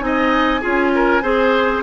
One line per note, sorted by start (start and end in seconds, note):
0.00 0.62 C4
0.00 0.61 D#4
0.00 1.82 G#5
0.06 0.61 D#5
0.61 1.22 C#4
0.61 1.22 F4
0.61 0.91 G#4
0.95 1.23 A#4
1.22 1.83 C4
1.22 1.83 G#4
1.22 1.83 C5